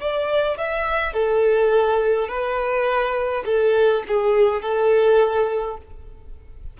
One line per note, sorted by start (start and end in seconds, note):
0.00 0.57 D5
0.57 1.13 E5
1.13 2.28 A4
2.28 3.44 B4
3.46 4.03 A4
4.08 4.62 G#4
4.62 5.77 A4